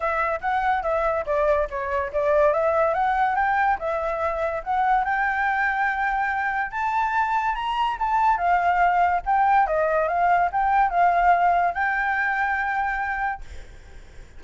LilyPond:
\new Staff \with { instrumentName = "flute" } { \time 4/4 \tempo 4 = 143 e''4 fis''4 e''4 d''4 | cis''4 d''4 e''4 fis''4 | g''4 e''2 fis''4 | g''1 |
a''2 ais''4 a''4 | f''2 g''4 dis''4 | f''4 g''4 f''2 | g''1 | }